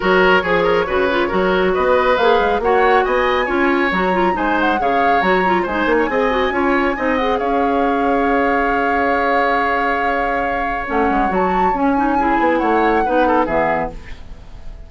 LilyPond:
<<
  \new Staff \with { instrumentName = "flute" } { \time 4/4 \tempo 4 = 138 cis''1 | dis''4 f''4 fis''4 gis''4~ | gis''4 ais''4 gis''8 fis''8 f''4 | ais''4 gis''2.~ |
gis''8 fis''8 f''2.~ | f''1~ | f''4 fis''4 a''4 gis''4~ | gis''4 fis''2 e''4 | }
  \new Staff \with { instrumentName = "oboe" } { \time 4/4 ais'4 gis'8 ais'8 b'4 ais'4 | b'2 cis''4 dis''4 | cis''2 c''4 cis''4~ | cis''4 c''8. cis''16 dis''4 cis''4 |
dis''4 cis''2.~ | cis''1~ | cis''1 | gis'4 cis''4 b'8 a'8 gis'4 | }
  \new Staff \with { instrumentName = "clarinet" } { \time 4/4 fis'4 gis'4 fis'8 f'8 fis'4~ | fis'4 gis'4 fis'2 | f'4 fis'8 f'8 dis'4 gis'4 | fis'8 f'8 dis'4 gis'8 fis'8 f'4 |
dis'8 gis'2.~ gis'8~ | gis'1~ | gis'4 cis'4 fis'4 cis'8 dis'8 | e'2 dis'4 b4 | }
  \new Staff \with { instrumentName = "bassoon" } { \time 4/4 fis4 f4 cis4 fis4 | b4 ais8 gis8 ais4 b4 | cis'4 fis4 gis4 cis4 | fis4 gis8 ais8 c'4 cis'4 |
c'4 cis'2.~ | cis'1~ | cis'4 a8 gis8 fis4 cis'4~ | cis'8 b8 a4 b4 e4 | }
>>